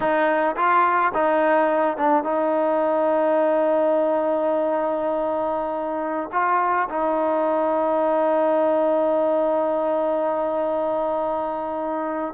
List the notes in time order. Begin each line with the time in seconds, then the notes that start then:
0.00 D#4
0.56 F4
1.14 D#4
1.97 D4
2.23 D#4
6.32 F4
6.89 D#4